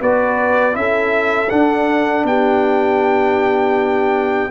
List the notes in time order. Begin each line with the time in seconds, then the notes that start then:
0.00 B3 F#4 B4 D5
0.73 C#4 E4 A4 E5
1.50 D4 F#5
2.24 B3 G4 G5